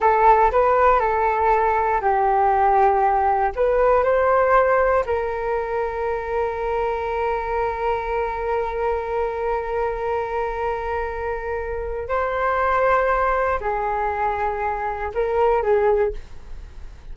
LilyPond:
\new Staff \with { instrumentName = "flute" } { \time 4/4 \tempo 4 = 119 a'4 b'4 a'2 | g'2. b'4 | c''2 ais'2~ | ais'1~ |
ais'1~ | ais'1 | c''2. gis'4~ | gis'2 ais'4 gis'4 | }